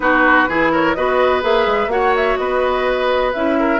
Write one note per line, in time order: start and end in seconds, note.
0.00 0.46 B3
0.00 0.48 D#4
0.00 0.48 F#4
0.00 0.70 B4
0.48 0.95 E3
0.48 0.96 E4
0.48 0.72 G#4
0.72 0.96 A#4
0.72 0.94 C#5
0.94 1.43 B3
0.94 1.41 F#4
0.94 1.91 B4
0.94 1.42 D#5
1.41 1.66 A#3
1.41 1.89 G#4
1.41 1.90 E5
1.66 1.86 G#3
1.86 2.34 A#3
1.86 3.32 F#4
1.86 2.39 C#5
1.86 2.14 F#5
2.15 2.36 E5
2.36 3.34 B3
2.36 3.59 B4
2.36 3.31 D#5
3.33 3.79 C#4
3.33 3.79 E4
3.33 3.79 E5
3.59 3.79 A#4